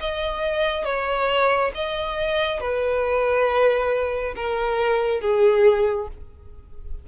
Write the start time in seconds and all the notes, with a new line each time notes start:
0.00 D#5
0.85 C#5
1.74 D#5
2.60 B4
4.36 A#4
5.21 G#4